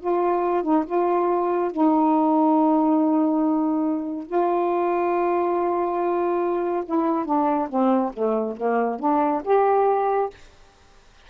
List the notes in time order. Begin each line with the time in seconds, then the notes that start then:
0.00 F4
0.64 D#4
0.86 F4
1.72 D#4
4.27 F4
6.86 E4
7.26 D4
7.70 C4
8.14 A3
8.57 A#3
9.00 D4
9.44 G4